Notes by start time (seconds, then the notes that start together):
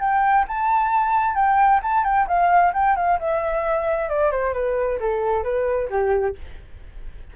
0.00 G5
0.48 A5
1.35 G5
1.83 A5
2.05 G5
2.28 F5
2.74 G5
2.97 F5
3.20 E5
4.09 D5
4.32 C5
4.54 B4
5.00 A4
5.44 B4
5.90 G4